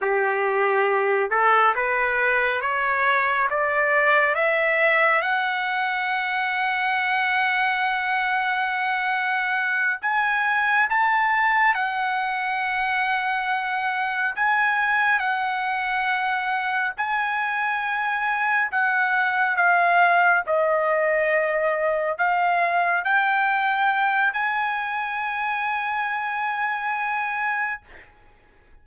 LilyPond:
\new Staff \with { instrumentName = "trumpet" } { \time 4/4 \tempo 4 = 69 g'4. a'8 b'4 cis''4 | d''4 e''4 fis''2~ | fis''2.~ fis''8 gis''8~ | gis''8 a''4 fis''2~ fis''8~ |
fis''8 gis''4 fis''2 gis''8~ | gis''4. fis''4 f''4 dis''8~ | dis''4. f''4 g''4. | gis''1 | }